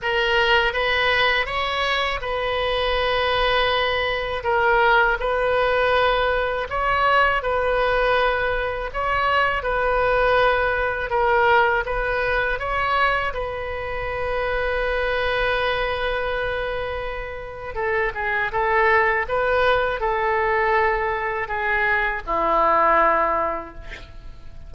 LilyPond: \new Staff \with { instrumentName = "oboe" } { \time 4/4 \tempo 4 = 81 ais'4 b'4 cis''4 b'4~ | b'2 ais'4 b'4~ | b'4 cis''4 b'2 | cis''4 b'2 ais'4 |
b'4 cis''4 b'2~ | b'1 | a'8 gis'8 a'4 b'4 a'4~ | a'4 gis'4 e'2 | }